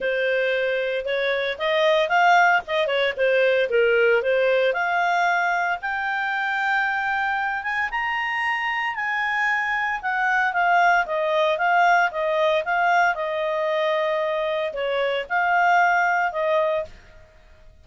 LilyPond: \new Staff \with { instrumentName = "clarinet" } { \time 4/4 \tempo 4 = 114 c''2 cis''4 dis''4 | f''4 dis''8 cis''8 c''4 ais'4 | c''4 f''2 g''4~ | g''2~ g''8 gis''8 ais''4~ |
ais''4 gis''2 fis''4 | f''4 dis''4 f''4 dis''4 | f''4 dis''2. | cis''4 f''2 dis''4 | }